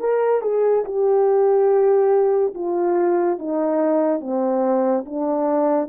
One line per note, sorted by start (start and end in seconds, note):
0.00 0.42 A#4
0.42 0.84 G#4
0.85 2.54 G4
2.54 3.39 F4
3.39 4.21 D#4
4.21 5.05 C4
5.06 5.89 D4